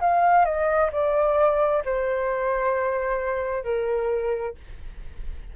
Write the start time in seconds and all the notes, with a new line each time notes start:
0.00 F5
0.45 D#5
0.92 D5
1.85 C5
3.64 A#4